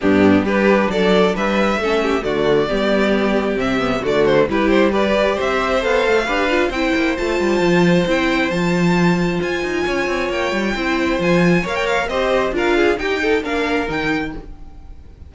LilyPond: <<
  \new Staff \with { instrumentName = "violin" } { \time 4/4 \tempo 4 = 134 g'4 b'4 d''4 e''4~ | e''4 d''2. | e''4 d''8 c''8 b'8 c''8 d''4 | e''4 f''2 g''4 |
a''2 g''4 a''4~ | a''4 gis''2 g''4~ | g''4 gis''4 f''16 g''16 f''8 dis''4 | f''4 g''4 f''4 g''4 | }
  \new Staff \with { instrumentName = "violin" } { \time 4/4 d'4 g'4 a'4 b'4 | a'8 g'8 fis'4 g'2~ | g'4 fis'4 g'4 b'4 | c''2 b'4 c''4~ |
c''1~ | c''2 cis''2 | c''2 cis''4 c''4 | ais'8 gis'8 g'8 a'8 ais'2 | }
  \new Staff \with { instrumentName = "viola" } { \time 4/4 b4 d'2. | cis'4 a4 b2 | c'8 b8 a4 e'4 g'4~ | g'4 a'4 g'8 f'8 e'4 |
f'2 e'4 f'4~ | f'1 | e'4 f'4 ais'4 g'4 | f'4 dis'4 d'4 dis'4 | }
  \new Staff \with { instrumentName = "cello" } { \time 4/4 g,4 g4 fis4 g4 | a4 d4 g2 | c4 d4 g2 | c'4 b8 a8 d'4 c'8 ais8 |
a8 g8 f4 c'4 f4~ | f4 f'8 dis'8 cis'8 c'8 ais8 g8 | c'4 f4 ais4 c'4 | d'4 dis'4 ais4 dis4 | }
>>